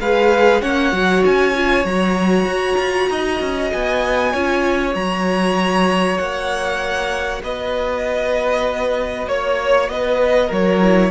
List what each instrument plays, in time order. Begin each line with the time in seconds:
0.00 cello G#3, viola G#4, violin B4 F5
0.61 cello A#3, viola C#4, violin C#5 F#5
0.92 cello F#3, viola F#4
1.25 cello C#4, violin G#5
1.54 viola F4
1.85 cello F#3, viola F#4, violin A#5
2.45 cello F#4
2.77 cello F4
3.09 cello D#4, violin D#5
3.40 cello C#4
3.72 cello B3, violin G#5
4.32 cello C#4, viola F4, violin C#5
4.94 cello F#3, viola F#4, violin A#5
6.18 cello A#3, violin F#5
7.43 cello B3, violin B4 D#5
9.27 cello A#3, violin C#5
9.89 cello B3, violin B4 D#5
10.47 cello F#3, violin A#4 C#5
10.81 viola E4